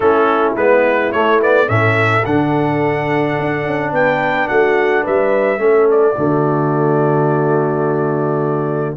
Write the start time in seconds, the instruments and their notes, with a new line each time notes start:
0.00 tuba A3, trombone C#4, horn E4, trumpet A4
0.55 tuba G#3, trombone B3, trumpet B4
1.11 trombone A3, tuba A3, trumpet C#5
1.41 trombone B3, trumpet D5
1.67 tuba A2, trombone C#4, horn A4, trumpet E5
2.25 tuba D3, trombone D4, trumpet F#5
3.38 tuba D4
3.64 tuba C#4
3.92 tuba B3, horn B4, trumpet G5
4.47 tuba A3, horn F#4, trumpet F#5
5.02 tuba G3, horn B4, trumpet E5
5.58 tuba A3, trombone C#4, horn A4
5.90 trumpet D5
6.17 tuba D3, trombone A3, horn F#4